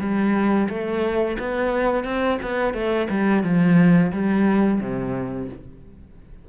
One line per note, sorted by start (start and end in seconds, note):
0.00 0.68 G3
0.69 1.37 A3
1.39 2.04 B3
2.04 2.38 C4
2.42 2.74 B3
2.74 3.08 A3
3.10 3.44 G3
3.44 4.12 F3
4.12 4.80 G3
4.81 5.49 C3